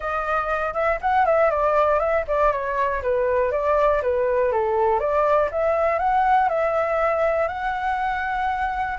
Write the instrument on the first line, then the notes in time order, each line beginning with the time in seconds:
flute
0.00 D#5
0.73 E5
1.01 F#5
1.25 E5
1.50 D5
1.99 E5
2.27 D5
2.52 C#5
3.02 B4
3.51 D5
4.02 B4
4.52 A4
4.99 D5
5.51 E5
5.99 F#5
6.48 E5
7.47 F#5